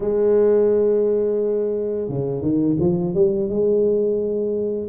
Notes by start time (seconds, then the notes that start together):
0.00 G#3
2.08 C#3
2.41 D#3
2.79 F3
3.14 G3
3.49 G#3